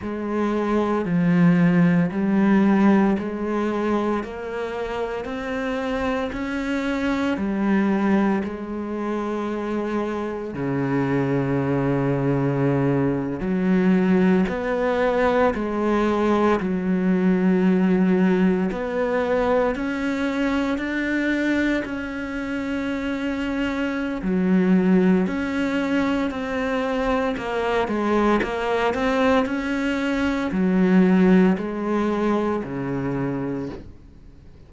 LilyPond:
\new Staff \with { instrumentName = "cello" } { \time 4/4 \tempo 4 = 57 gis4 f4 g4 gis4 | ais4 c'4 cis'4 g4 | gis2 cis2~ | cis8. fis4 b4 gis4 fis16~ |
fis4.~ fis16 b4 cis'4 d'16~ | d'8. cis'2~ cis'16 fis4 | cis'4 c'4 ais8 gis8 ais8 c'8 | cis'4 fis4 gis4 cis4 | }